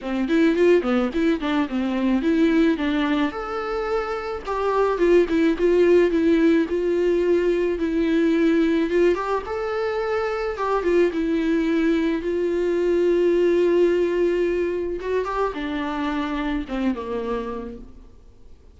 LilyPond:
\new Staff \with { instrumentName = "viola" } { \time 4/4 \tempo 4 = 108 c'8 e'8 f'8 b8 e'8 d'8 c'4 | e'4 d'4 a'2 | g'4 f'8 e'8 f'4 e'4 | f'2 e'2 |
f'8 g'8 a'2 g'8 f'8 | e'2 f'2~ | f'2. fis'8 g'8 | d'2 c'8 ais4. | }